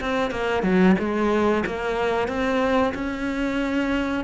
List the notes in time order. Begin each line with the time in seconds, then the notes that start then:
0.00 C4
0.30 A#3
0.63 F#3
0.98 G#3
1.65 A#3
2.28 C4
2.94 C#4